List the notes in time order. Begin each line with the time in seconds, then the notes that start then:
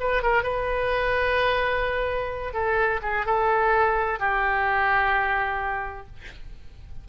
0.00 B4
0.23 A#4
0.43 B4
2.53 A4
3.02 G#4
3.26 A4
4.19 G4